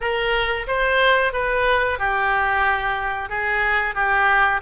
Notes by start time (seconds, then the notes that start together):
0.00 A#4
0.67 C5
1.32 B4
1.98 G4
3.29 G#4
3.94 G4